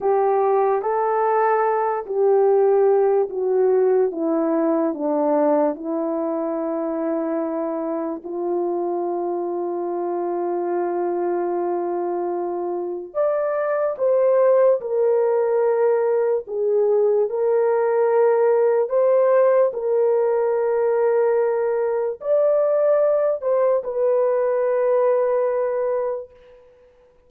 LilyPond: \new Staff \with { instrumentName = "horn" } { \time 4/4 \tempo 4 = 73 g'4 a'4. g'4. | fis'4 e'4 d'4 e'4~ | e'2 f'2~ | f'1 |
d''4 c''4 ais'2 | gis'4 ais'2 c''4 | ais'2. d''4~ | d''8 c''8 b'2. | }